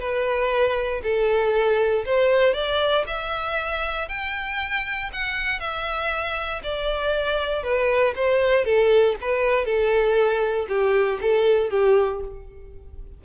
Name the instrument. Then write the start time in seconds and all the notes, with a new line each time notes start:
violin
0.00 B4
1.04 A4
2.06 C5
2.54 D5
3.07 E5
4.09 G5
5.13 F#5
5.60 E5
6.64 D5
7.63 B4
8.16 C5
8.65 A4
9.21 B4
9.65 A4
10.69 G4
11.21 A4
11.70 G4